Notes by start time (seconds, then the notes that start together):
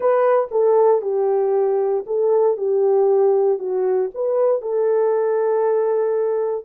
0.00 B4
0.51 A4
1.01 G4
2.06 A4
2.57 G4
3.59 F#4
4.14 B4
4.61 A4